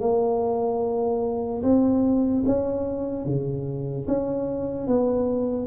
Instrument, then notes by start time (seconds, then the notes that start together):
tuba
0.00 A#3
1.63 C4
2.46 C#4
3.25 C#3
4.07 C#4
4.87 B3